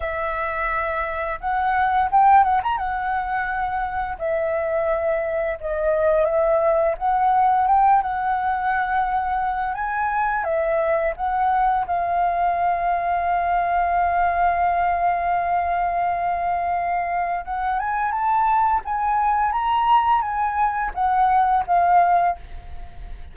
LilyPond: \new Staff \with { instrumentName = "flute" } { \time 4/4 \tempo 4 = 86 e''2 fis''4 g''8 fis''16 ais''16 | fis''2 e''2 | dis''4 e''4 fis''4 g''8 fis''8~ | fis''2 gis''4 e''4 |
fis''4 f''2.~ | f''1~ | f''4 fis''8 gis''8 a''4 gis''4 | ais''4 gis''4 fis''4 f''4 | }